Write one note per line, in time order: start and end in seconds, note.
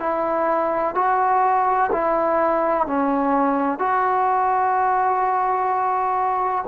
0.00 0.95 E4
0.95 1.90 F#4
1.92 2.87 E4
2.87 3.79 C#4
3.79 6.65 F#4